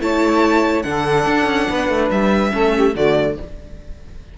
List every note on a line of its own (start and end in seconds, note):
0.00 0.84 A3
0.00 0.84 E4
0.00 0.85 C#5
0.00 0.82 A5
0.82 1.26 D3
0.82 2.51 D4
0.82 1.69 A4
0.82 2.08 F#5
1.26 1.45 D4
1.45 1.66 C#4
1.69 1.89 B3
1.69 2.53 B4
1.89 2.10 A3
2.11 2.53 G3
2.11 2.95 E5
2.51 2.95 A3
2.51 2.93 C#4
2.51 2.74 A4
2.75 2.93 G4
2.93 3.37 D3
2.93 3.38 A3
2.93 3.35 F#4
2.93 3.38 D5